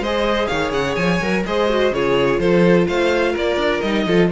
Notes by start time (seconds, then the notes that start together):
0.00 G#3 G#4 C5 D#5
0.47 D#3 C#5 F5
0.72 C#3 F#5
0.95 F3 G#5
1.21 F#3 A#4
1.46 G#3 G#4 C5 D#5
1.69 F#4
1.91 C#3 F4 G#4 C#5
2.39 F3 A4 C5
2.87 A3 C5 F5
3.32 A#3 A#4 D5
3.57 D4
3.81 G3 D#4 D#5
4.06 F3 F4 A4